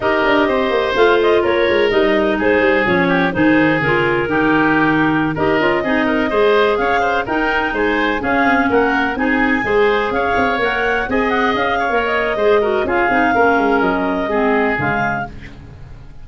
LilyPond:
<<
  \new Staff \with { instrumentName = "clarinet" } { \time 4/4 \tempo 4 = 126 dis''2 f''8 dis''8 cis''4 | dis''4 c''4 cis''4 c''4 | ais'2.~ ais'16 dis''8.~ | dis''2~ dis''16 f''4 g''8.~ |
g''16 gis''4 f''4 fis''4 gis''8.~ | gis''4~ gis''16 f''4 fis''4 gis''8 fis''16~ | fis''16 f''4 dis''4.~ dis''16 f''4~ | f''4 dis''2 f''4 | }
  \new Staff \with { instrumentName = "oboe" } { \time 4/4 ais'4 c''2 ais'4~ | ais'4 gis'4. g'8 gis'4~ | gis'4 g'2~ g'16 ais'8.~ | ais'16 gis'8 ais'8 c''4 cis''8 c''8 ais'8.~ |
ais'16 c''4 gis'4 ais'4 gis'8.~ | gis'16 c''4 cis''2 dis''8.~ | dis''8. cis''4~ cis''16 c''8 ais'8 gis'4 | ais'2 gis'2 | }
  \new Staff \with { instrumentName = "clarinet" } { \time 4/4 g'2 f'2 | dis'2 cis'4 dis'4 | f'4 dis'2~ dis'16 g'8 f'16~ | f'16 dis'4 gis'2 dis'8.~ |
dis'4~ dis'16 cis'2 dis'8.~ | dis'16 gis'2 ais'4 gis'8.~ | gis'4 ais'4 gis'8 fis'8 f'8 dis'8 | cis'2 c'4 gis4 | }
  \new Staff \with { instrumentName = "tuba" } { \time 4/4 dis'8 d'8 c'8 ais8 a4 ais8 gis8 | g4 gis8 g8 f4 dis4 | cis4 dis2~ dis16 dis'8 cis'16~ | cis'16 c'4 gis4 cis'4 dis'8.~ |
dis'16 gis4 cis'8 c'8 ais4 c'8.~ | c'16 gis4 cis'8 c'8 ais4 c'8.~ | c'16 cis'8. ais4 gis4 cis'8 c'8 | ais8 gis8 fis4 gis4 cis4 | }
>>